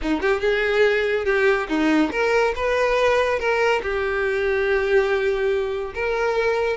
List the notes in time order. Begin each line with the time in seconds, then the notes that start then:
0.01 D#4
0.21 G4
0.40 G#4
1.25 G4
1.68 D#4
2.11 A#4
2.55 B4
3.39 A#4
3.82 G4
5.94 A#4